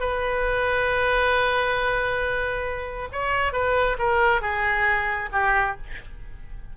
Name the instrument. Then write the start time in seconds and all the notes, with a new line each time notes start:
oboe
0.00 B4
3.12 C#5
3.53 B4
3.99 A#4
4.42 G#4
5.33 G4